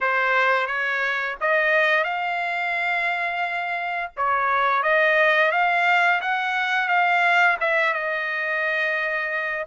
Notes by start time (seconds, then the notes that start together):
0.01 C5
0.66 C#5
1.40 D#5
2.03 F5
4.16 C#5
4.82 D#5
5.51 F5
6.21 F#5
6.88 F5
7.60 E5
7.93 D#5